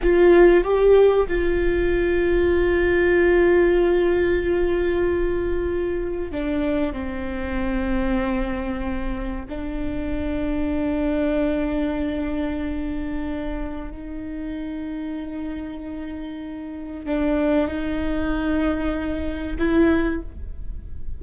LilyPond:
\new Staff \with { instrumentName = "viola" } { \time 4/4 \tempo 4 = 95 f'4 g'4 f'2~ | f'1~ | f'2 d'4 c'4~ | c'2. d'4~ |
d'1~ | d'2 dis'2~ | dis'2. d'4 | dis'2. e'4 | }